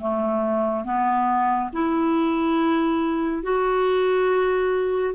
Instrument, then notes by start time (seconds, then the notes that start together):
clarinet
0.00 A3
0.84 B3
1.72 E4
3.42 F#4